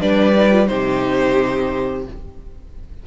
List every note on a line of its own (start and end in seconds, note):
0.00 0.69 G3
0.00 0.34 D4
0.00 0.69 B4
0.00 0.67 D5
0.36 0.52 D#4
0.52 0.66 F4
0.66 2.06 C3
0.66 2.02 D#4
0.66 2.05 G4
0.66 2.03 C5